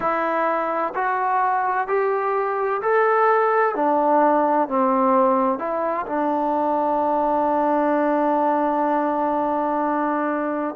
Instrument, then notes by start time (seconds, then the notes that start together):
trombone
0.00 E4
0.94 F#4
1.87 G4
2.81 A4
3.75 D4
4.68 C4
5.58 E4
6.06 D4